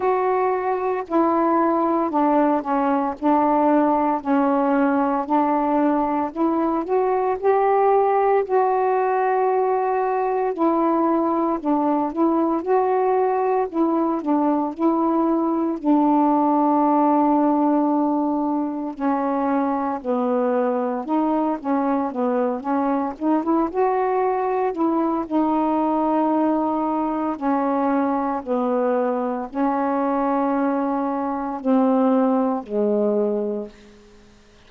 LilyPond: \new Staff \with { instrumentName = "saxophone" } { \time 4/4 \tempo 4 = 57 fis'4 e'4 d'8 cis'8 d'4 | cis'4 d'4 e'8 fis'8 g'4 | fis'2 e'4 d'8 e'8 | fis'4 e'8 d'8 e'4 d'4~ |
d'2 cis'4 b4 | dis'8 cis'8 b8 cis'8 dis'16 e'16 fis'4 e'8 | dis'2 cis'4 b4 | cis'2 c'4 gis4 | }